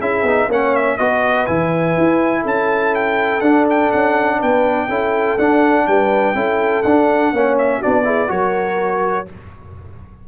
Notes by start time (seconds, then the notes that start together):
0.00 C#4 E4 G#4 E5
0.22 B3 D#4
0.48 A#3 C#4 C#5 F#5
0.75 E5
0.97 B3 F#4 B4 D#5
1.46 E3 E4 G#5
1.97 E4
2.42 C#4 A4 A5
2.95 G5
3.41 D4 F#5
3.70 G5
3.92 C#4 F#5
4.38 B3 B4 G5
4.88 C#4 E4 A4
5.38 D4 F#5
5.87 G3 B4 G5
6.34 C#4 E4 A4
6.83 D4 F#5
7.32 A#3 C#4 C#5
7.58 E5
7.78 D4 F#4 D5
7.85 B3
8.04 E4 G#4
8.28 F#3 F#4 A#4 C#5